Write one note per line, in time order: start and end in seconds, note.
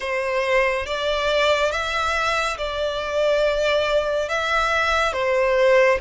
0.00 0.86 C5
0.86 1.71 D5
1.71 2.57 E5
2.57 4.28 D5
4.28 5.12 E5
5.12 5.98 C5